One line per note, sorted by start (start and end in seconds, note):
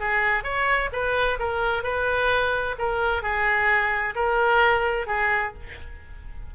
0.00 0.44 G#4
0.44 0.90 C#5
0.93 1.39 B4
1.39 1.83 A#4
1.83 2.76 B4
2.79 3.23 A#4
3.23 4.15 G#4
4.16 5.07 A#4
5.07 5.53 G#4